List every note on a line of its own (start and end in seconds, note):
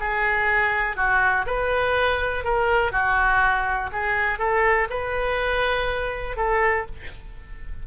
0.00 0.97 G#4
0.97 1.46 F#4
1.46 2.45 B4
2.45 2.92 A#4
2.92 3.90 F#4
3.93 4.39 G#4
4.39 4.88 A4
4.90 6.37 B4
6.37 6.86 A4